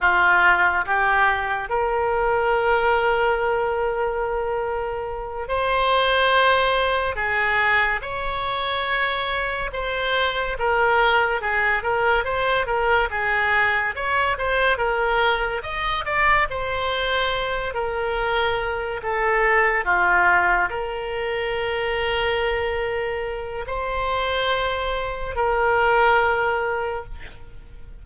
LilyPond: \new Staff \with { instrumentName = "oboe" } { \time 4/4 \tempo 4 = 71 f'4 g'4 ais'2~ | ais'2~ ais'8 c''4.~ | c''8 gis'4 cis''2 c''8~ | c''8 ais'4 gis'8 ais'8 c''8 ais'8 gis'8~ |
gis'8 cis''8 c''8 ais'4 dis''8 d''8 c''8~ | c''4 ais'4. a'4 f'8~ | f'8 ais'2.~ ais'8 | c''2 ais'2 | }